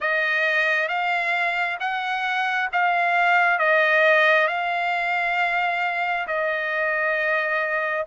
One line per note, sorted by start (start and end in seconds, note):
0.00 0.88 D#5
0.88 1.77 F5
1.80 2.69 F#5
2.72 3.58 F5
3.58 4.47 D#5
4.47 6.26 F5
6.27 8.06 D#5